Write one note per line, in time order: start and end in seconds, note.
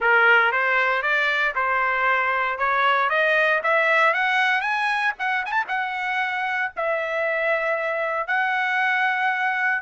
0.00 0.52 A#4
0.52 1.02 C5
1.02 1.54 D5
1.55 2.58 C5
2.58 3.09 C#5
3.09 3.61 D#5
3.63 4.13 E5
4.13 4.61 F#5
4.61 5.13 G#5
5.18 5.44 F#5
5.45 5.51 G#5
5.45 5.64 A5
5.68 6.71 F#5
6.76 8.27 E5
8.27 9.82 F#5